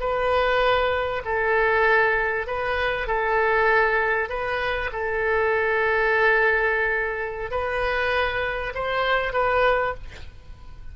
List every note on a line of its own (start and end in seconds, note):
0.00 1.22 B4
1.25 2.47 A4
2.47 3.07 B4
3.07 4.29 A4
4.29 4.90 B4
4.92 7.51 A4
7.51 8.73 B4
8.74 9.33 C5
9.33 9.94 B4